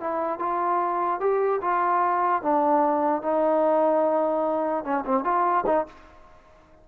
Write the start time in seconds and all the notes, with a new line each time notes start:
0.00 E4
0.39 F4
1.20 G4
1.61 F4
2.42 D4
3.22 D#4
4.84 C#4
5.05 C4
5.24 F4
5.66 D#4